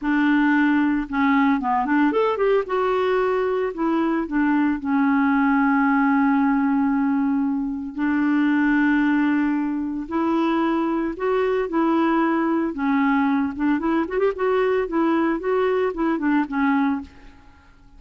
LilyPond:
\new Staff \with { instrumentName = "clarinet" } { \time 4/4 \tempo 4 = 113 d'2 cis'4 b8 d'8 | a'8 g'8 fis'2 e'4 | d'4 cis'2.~ | cis'2. d'4~ |
d'2. e'4~ | e'4 fis'4 e'2 | cis'4. d'8 e'8 fis'16 g'16 fis'4 | e'4 fis'4 e'8 d'8 cis'4 | }